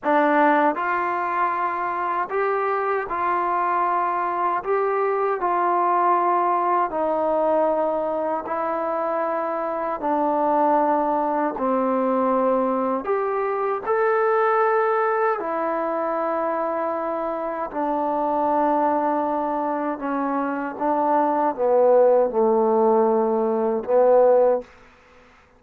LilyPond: \new Staff \with { instrumentName = "trombone" } { \time 4/4 \tempo 4 = 78 d'4 f'2 g'4 | f'2 g'4 f'4~ | f'4 dis'2 e'4~ | e'4 d'2 c'4~ |
c'4 g'4 a'2 | e'2. d'4~ | d'2 cis'4 d'4 | b4 a2 b4 | }